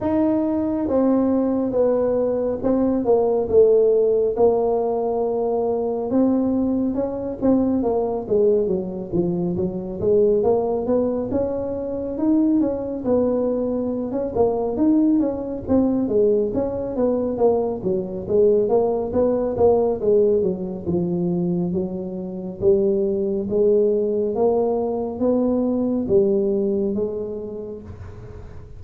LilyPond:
\new Staff \with { instrumentName = "tuba" } { \time 4/4 \tempo 4 = 69 dis'4 c'4 b4 c'8 ais8 | a4 ais2 c'4 | cis'8 c'8 ais8 gis8 fis8 f8 fis8 gis8 | ais8 b8 cis'4 dis'8 cis'8 b4~ |
b16 cis'16 ais8 dis'8 cis'8 c'8 gis8 cis'8 b8 | ais8 fis8 gis8 ais8 b8 ais8 gis8 fis8 | f4 fis4 g4 gis4 | ais4 b4 g4 gis4 | }